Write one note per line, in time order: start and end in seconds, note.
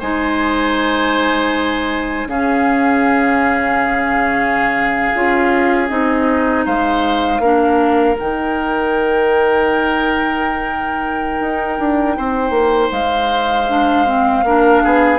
0.00 2.26 G#3
0.00 2.28 D#4
0.00 2.28 C5
0.00 2.29 G#5
2.26 5.11 C#3
2.26 5.13 C#4
2.26 6.66 G#4
2.26 5.88 F5
5.15 5.90 C#4
5.15 5.88 F4
5.88 6.66 C4
5.88 7.40 D#4
5.88 6.64 D#5
6.66 7.40 G#3
6.66 7.42 C5
6.66 8.18 F5
7.40 8.16 A#3
7.40 8.15 D4
7.40 12.16 A#4
8.15 11.41 D#3
8.15 13.66 D#4
8.15 12.91 G5
11.41 11.78 D#4
11.79 12.17 D4
12.17 12.50 C4
12.17 14.45 C5
12.50 12.88 A#3
12.91 14.43 G#3
12.91 15.19 F5
13.69 14.06 D4
14.06 14.44 C4
14.43 14.81 A#3
14.43 15.19 D4
14.43 14.84 A#4
14.84 15.19 B3
14.84 15.19 G#4